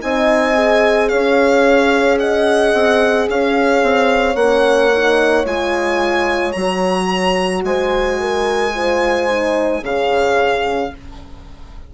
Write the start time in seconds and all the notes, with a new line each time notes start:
0.00 C4 D#4 D#5 G#5
0.54 G#4
1.08 C#4 C#5 F5
2.19 D#5 F#5
2.73 C4
3.28 C#4 C#5 F5
3.82 C4
4.35 A#3 C#4 F#5
4.93 D#4
5.45 G#3 F4 G#5
6.52 F#3 F#4 A#5
7.63 G#3 C5 G#5
8.20 A#4
8.74 F4 C5
9.29 D#4
9.81 C#3 C#4 G#4 F5